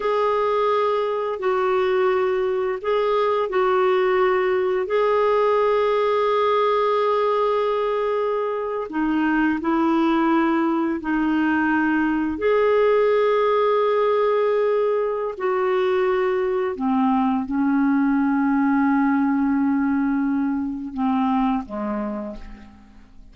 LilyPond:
\new Staff \with { instrumentName = "clarinet" } { \time 4/4 \tempo 4 = 86 gis'2 fis'2 | gis'4 fis'2 gis'4~ | gis'1~ | gis'8. dis'4 e'2 dis'16~ |
dis'4.~ dis'16 gis'2~ gis'16~ | gis'2 fis'2 | c'4 cis'2.~ | cis'2 c'4 gis4 | }